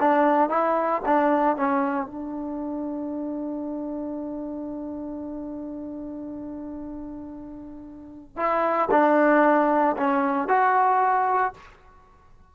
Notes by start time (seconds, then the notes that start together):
0.00 D4
0.49 E4
1.06 D4
1.57 C#4
2.06 D4
8.37 E4
8.91 D4
9.97 C#4
10.48 F#4